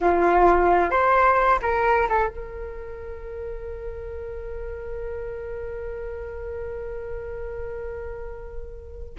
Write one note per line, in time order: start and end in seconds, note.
0.01 0.90 F4
0.90 1.59 C5
1.62 2.07 A#4
2.09 2.28 A4
2.28 9.15 A#4